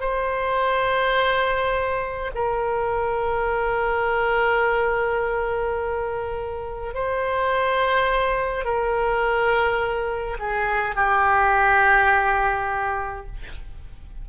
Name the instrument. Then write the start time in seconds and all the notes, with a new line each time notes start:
oboe
0.00 C5
2.34 A#4
6.94 C5
8.64 A#4
10.39 G#4
10.95 G4